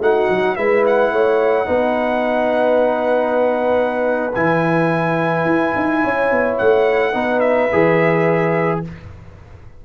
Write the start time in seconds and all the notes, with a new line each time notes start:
0.00 A3 D#4 F#4 F#5
0.30 F#3
0.56 G#3 E4 B4 E5
0.86 F#5
1.11 A3 C#5
1.66 B3 D#4 B4
4.34 E3 E4 G#5
5.45 E4
5.76 D#4
6.03 C#4 C#5
6.31 B3
6.58 A3 F#5
7.13 B3 D#4 B4
7.40 E5
7.72 E3 G#4